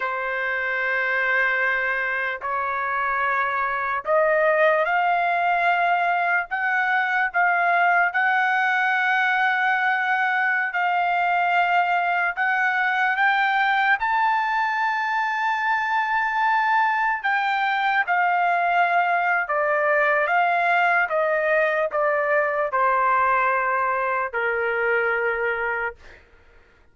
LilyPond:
\new Staff \with { instrumentName = "trumpet" } { \time 4/4 \tempo 4 = 74 c''2. cis''4~ | cis''4 dis''4 f''2 | fis''4 f''4 fis''2~ | fis''4~ fis''16 f''2 fis''8.~ |
fis''16 g''4 a''2~ a''8.~ | a''4~ a''16 g''4 f''4.~ f''16 | d''4 f''4 dis''4 d''4 | c''2 ais'2 | }